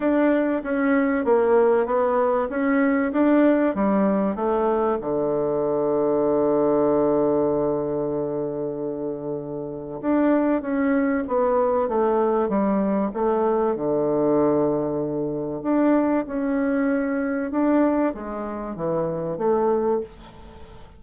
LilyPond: \new Staff \with { instrumentName = "bassoon" } { \time 4/4 \tempo 4 = 96 d'4 cis'4 ais4 b4 | cis'4 d'4 g4 a4 | d1~ | d1 |
d'4 cis'4 b4 a4 | g4 a4 d2~ | d4 d'4 cis'2 | d'4 gis4 e4 a4 | }